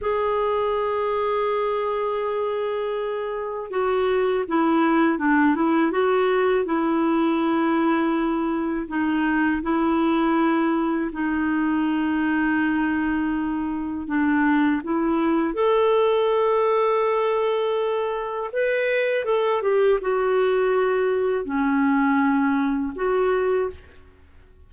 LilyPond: \new Staff \with { instrumentName = "clarinet" } { \time 4/4 \tempo 4 = 81 gis'1~ | gis'4 fis'4 e'4 d'8 e'8 | fis'4 e'2. | dis'4 e'2 dis'4~ |
dis'2. d'4 | e'4 a'2.~ | a'4 b'4 a'8 g'8 fis'4~ | fis'4 cis'2 fis'4 | }